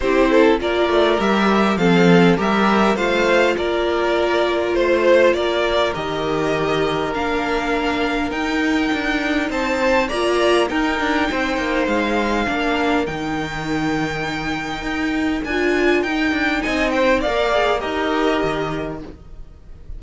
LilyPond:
<<
  \new Staff \with { instrumentName = "violin" } { \time 4/4 \tempo 4 = 101 c''4 d''4 e''4 f''4 | e''4 f''4 d''2 | c''4 d''4 dis''2 | f''2 g''2 |
a''4 ais''4 g''2 | f''2 g''2~ | g''2 gis''4 g''4 | gis''8 g''8 f''4 dis''2 | }
  \new Staff \with { instrumentName = "violin" } { \time 4/4 g'8 a'8 ais'2 a'4 | ais'4 c''4 ais'2 | c''4 ais'2.~ | ais'1 |
c''4 d''4 ais'4 c''4~ | c''4 ais'2.~ | ais'1 | dis''8 c''8 d''4 ais'2 | }
  \new Staff \with { instrumentName = "viola" } { \time 4/4 e'4 f'4 g'4 c'4 | g'4 f'2.~ | f'2 g'2 | d'2 dis'2~ |
dis'4 f'4 dis'2~ | dis'4 d'4 dis'2~ | dis'2 f'4 dis'4~ | dis'4 ais'8 gis'8 g'2 | }
  \new Staff \with { instrumentName = "cello" } { \time 4/4 c'4 ais8 a8 g4 f4 | g4 a4 ais2 | a4 ais4 dis2 | ais2 dis'4 d'4 |
c'4 ais4 dis'8 d'8 c'8 ais8 | gis4 ais4 dis2~ | dis4 dis'4 d'4 dis'8 d'8 | c'4 ais4 dis'4 dis4 | }
>>